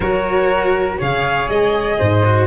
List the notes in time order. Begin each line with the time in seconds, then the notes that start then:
0.00 F#3 F#4 A#4 C#5
0.98 C#3 G#4 C#5 F5
1.48 G#3 D#5
1.98 G#2 C5
2.24 F#4